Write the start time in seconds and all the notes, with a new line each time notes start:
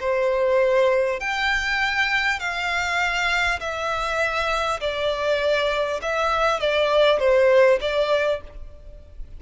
0.00 C5
1.20 G5
2.39 F5
3.59 E5
4.80 D5
6.02 E5
6.59 D5
7.19 C5
7.80 D5